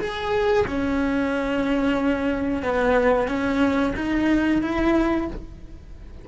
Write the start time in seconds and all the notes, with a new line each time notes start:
0.00 G#4
0.67 C#4
2.63 B3
3.28 C#4
3.96 D#4
4.62 E4